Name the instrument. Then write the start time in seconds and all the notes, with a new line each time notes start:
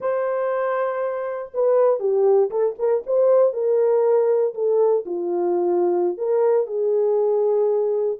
horn
0.00 C5
1.54 B4
1.99 G4
2.50 A4
2.78 A#4
3.06 C5
3.53 A#4
4.54 A4
5.05 F4
6.17 A#4
6.66 G#4